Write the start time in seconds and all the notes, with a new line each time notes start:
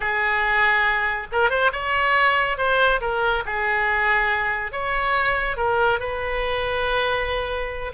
0.00 G#4
1.32 A#4
1.49 C5
1.72 C#5
2.57 C5
3.00 A#4
3.45 G#4
4.72 C#5
5.56 A#4
5.99 B4